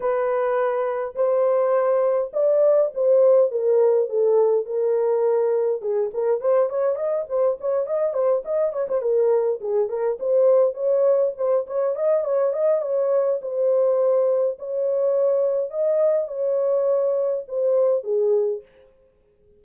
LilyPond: \new Staff \with { instrumentName = "horn" } { \time 4/4 \tempo 4 = 103 b'2 c''2 | d''4 c''4 ais'4 a'4 | ais'2 gis'8 ais'8 c''8 cis''8 | dis''8 c''8 cis''8 dis''8 c''8 dis''8 cis''16 c''16 ais'8~ |
ais'8 gis'8 ais'8 c''4 cis''4 c''8 | cis''8 dis''8 cis''8 dis''8 cis''4 c''4~ | c''4 cis''2 dis''4 | cis''2 c''4 gis'4 | }